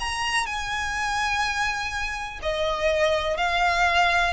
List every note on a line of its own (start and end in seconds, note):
0.00 0.47 A#5
0.47 2.40 G#5
2.43 3.37 D#5
3.37 4.34 F5